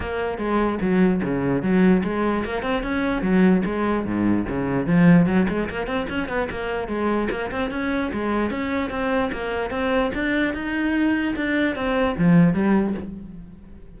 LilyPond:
\new Staff \with { instrumentName = "cello" } { \time 4/4 \tempo 4 = 148 ais4 gis4 fis4 cis4 | fis4 gis4 ais8 c'8 cis'4 | fis4 gis4 gis,4 cis4 | f4 fis8 gis8 ais8 c'8 cis'8 b8 |
ais4 gis4 ais8 c'8 cis'4 | gis4 cis'4 c'4 ais4 | c'4 d'4 dis'2 | d'4 c'4 f4 g4 | }